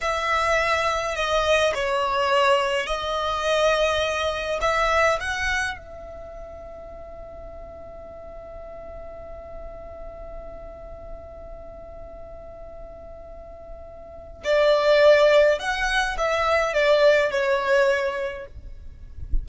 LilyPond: \new Staff \with { instrumentName = "violin" } { \time 4/4 \tempo 4 = 104 e''2 dis''4 cis''4~ | cis''4 dis''2. | e''4 fis''4 e''2~ | e''1~ |
e''1~ | e''1~ | e''4 d''2 fis''4 | e''4 d''4 cis''2 | }